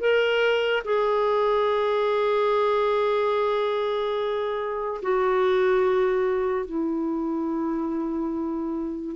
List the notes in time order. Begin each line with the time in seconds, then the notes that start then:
0.00 A#4
0.85 G#4
5.03 F#4
6.66 E4